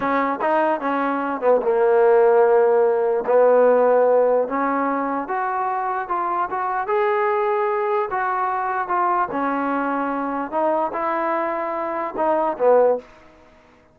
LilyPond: \new Staff \with { instrumentName = "trombone" } { \time 4/4 \tempo 4 = 148 cis'4 dis'4 cis'4. b8 | ais1 | b2. cis'4~ | cis'4 fis'2 f'4 |
fis'4 gis'2. | fis'2 f'4 cis'4~ | cis'2 dis'4 e'4~ | e'2 dis'4 b4 | }